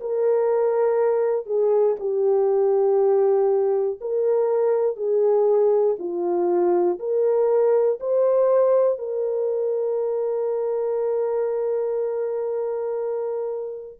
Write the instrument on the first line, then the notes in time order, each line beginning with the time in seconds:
horn
0.00 A#4
1.45 G#4
1.99 G4
4.01 A#4
4.96 G#4
5.99 F4
6.99 A#4
8.00 C5
8.98 A#4